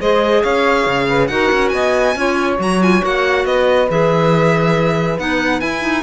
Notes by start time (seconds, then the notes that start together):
0.00 G#3 G#4 C5 D#5
0.42 C#4 C#5 F5
0.86 C#3
1.08 B4
1.27 D#4 F#4 A#4 F#5
1.52 C#4
1.69 B3 D#5 G#5
2.15 C#4 F4 C#5
2.57 F#3 F#4 A#5
2.81 F4 G#5
3.01 A#3 F#4 F#5
3.45 B3 B4 D#5
3.90 E3 G#4 E5
5.19 B3 D#4 F#5
5.60 E4 G#5
5.81 D#4